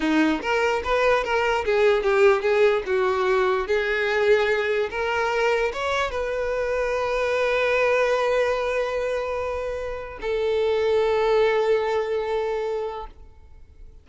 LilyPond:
\new Staff \with { instrumentName = "violin" } { \time 4/4 \tempo 4 = 147 dis'4 ais'4 b'4 ais'4 | gis'4 g'4 gis'4 fis'4~ | fis'4 gis'2. | ais'2 cis''4 b'4~ |
b'1~ | b'1~ | b'4 a'2.~ | a'1 | }